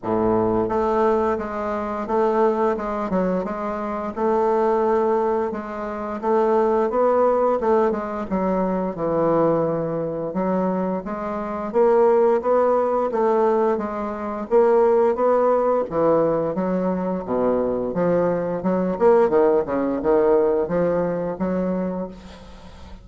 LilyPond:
\new Staff \with { instrumentName = "bassoon" } { \time 4/4 \tempo 4 = 87 a,4 a4 gis4 a4 | gis8 fis8 gis4 a2 | gis4 a4 b4 a8 gis8 | fis4 e2 fis4 |
gis4 ais4 b4 a4 | gis4 ais4 b4 e4 | fis4 b,4 f4 fis8 ais8 | dis8 cis8 dis4 f4 fis4 | }